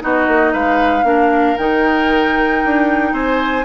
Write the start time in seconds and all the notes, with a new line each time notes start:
0.00 B3 D#4 F#4 D#5
0.27 A#3
0.52 G#3 B4 F5
1.03 A#3 D4 A#4
1.57 D#3 D#4 G5
2.64 D4
3.12 C4 C5 G#5